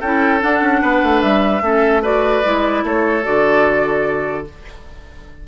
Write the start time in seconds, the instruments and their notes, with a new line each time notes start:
0.00 bassoon C#4, clarinet E4, oboe A4, flute G5
0.40 clarinet D4, bassoon D4, flute F#5
0.61 bassoon C#4
0.81 bassoon B3, oboe B4
1.02 bassoon A3
1.21 bassoon G3, flute E5
1.61 bassoon A3, clarinet C#4, oboe A4
2.02 clarinet F#4, oboe B4, flute D5
2.43 bassoon G#3, clarinet E4
2.83 bassoon A3, oboe A4, flute C#5
3.23 bassoon D3, clarinet F#4, flute D5